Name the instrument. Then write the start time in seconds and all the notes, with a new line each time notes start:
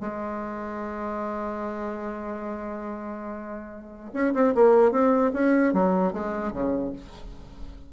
bassoon
0.00 G#3
4.13 C#4
4.34 C4
4.55 A#3
4.91 C4
5.33 C#4
5.73 F#3
6.13 G#3
6.52 C#3